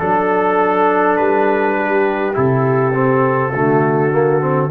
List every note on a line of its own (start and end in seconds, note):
0.00 1.19 F#3
0.00 2.34 D4
0.00 1.17 A4
0.00 1.76 A4
1.17 2.36 G3
1.17 2.35 B4
1.78 3.53 G4
2.34 3.54 C3
2.34 2.93 E4
2.34 4.72 A4
2.94 3.53 C4
3.53 4.72 D3
3.53 4.12 A3
3.53 4.70 F#4
4.12 4.41 A#3
4.41 4.70 C4